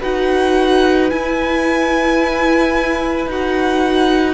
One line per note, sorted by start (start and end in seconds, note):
0.00 1.12 D#4
0.00 1.11 F#4
0.00 4.35 B4
0.00 1.10 F#5
1.10 3.29 E4
1.10 3.27 E4
1.10 3.28 G#5
3.27 4.35 D#4
3.27 4.35 F#4
3.27 4.35 F#5